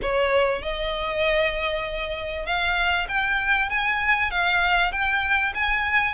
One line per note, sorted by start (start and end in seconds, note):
0.02 0.62 C#5
0.62 2.45 D#5
2.45 3.07 F5
3.08 3.69 G5
3.69 4.30 G#5
4.31 4.91 F5
4.91 5.53 G5
5.54 6.14 G#5